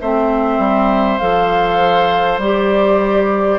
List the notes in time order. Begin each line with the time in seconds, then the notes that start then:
0.00 A3 C4 C5 E5
0.58 G3
1.18 F3 A4 F5
2.38 G3 G4 D5